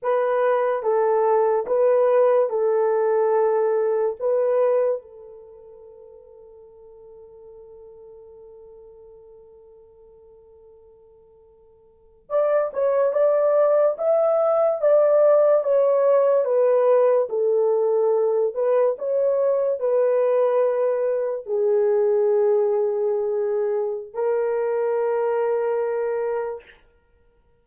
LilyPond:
\new Staff \with { instrumentName = "horn" } { \time 4/4 \tempo 4 = 72 b'4 a'4 b'4 a'4~ | a'4 b'4 a'2~ | a'1~ | a'2~ a'8. d''8 cis''8 d''16~ |
d''8. e''4 d''4 cis''4 b'16~ | b'8. a'4. b'8 cis''4 b'16~ | b'4.~ b'16 gis'2~ gis'16~ | gis'4 ais'2. | }